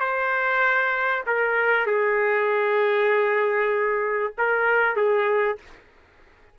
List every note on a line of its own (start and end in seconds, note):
0.00 1.24 C5
1.26 1.86 A#4
1.86 4.34 G#4
4.38 4.96 A#4
4.96 5.58 G#4